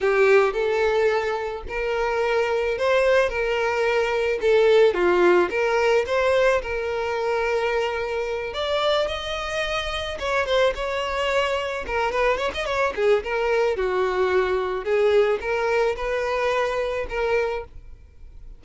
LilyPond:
\new Staff \with { instrumentName = "violin" } { \time 4/4 \tempo 4 = 109 g'4 a'2 ais'4~ | ais'4 c''4 ais'2 | a'4 f'4 ais'4 c''4 | ais'2.~ ais'8 d''8~ |
d''8 dis''2 cis''8 c''8 cis''8~ | cis''4. ais'8 b'8 cis''16 dis''16 cis''8 gis'8 | ais'4 fis'2 gis'4 | ais'4 b'2 ais'4 | }